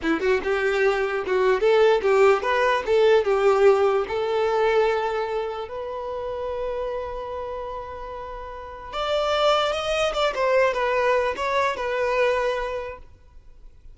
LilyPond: \new Staff \with { instrumentName = "violin" } { \time 4/4 \tempo 4 = 148 e'8 fis'8 g'2 fis'4 | a'4 g'4 b'4 a'4 | g'2 a'2~ | a'2 b'2~ |
b'1~ | b'2 d''2 | dis''4 d''8 c''4 b'4. | cis''4 b'2. | }